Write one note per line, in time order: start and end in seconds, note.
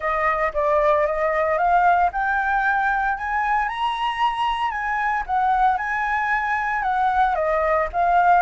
0.00 0.52 D#5
0.53 1.06 D5
1.06 1.58 D#5
1.58 2.10 F5
2.12 3.17 G5
3.17 3.68 G#5
3.68 4.70 A#5
4.70 5.23 G#5
5.26 5.77 F#5
5.77 6.82 G#5
6.82 7.35 F#5
7.35 7.88 D#5
7.92 8.42 F5